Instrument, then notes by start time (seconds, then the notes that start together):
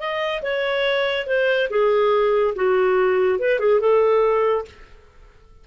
clarinet
0.00 D#5
0.42 C#5
1.27 C5
1.70 G#4
2.56 F#4
3.39 B4
3.60 G#4
3.81 A4